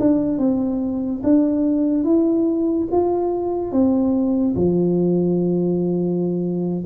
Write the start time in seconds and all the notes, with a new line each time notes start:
0.00 D4
0.39 C4
1.24 D4
2.05 E4
2.92 F4
3.72 C4
4.56 F3